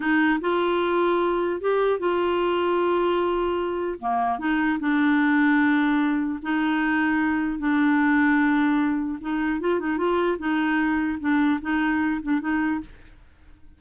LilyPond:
\new Staff \with { instrumentName = "clarinet" } { \time 4/4 \tempo 4 = 150 dis'4 f'2. | g'4 f'2.~ | f'2 ais4 dis'4 | d'1 |
dis'2. d'4~ | d'2. dis'4 | f'8 dis'8 f'4 dis'2 | d'4 dis'4. d'8 dis'4 | }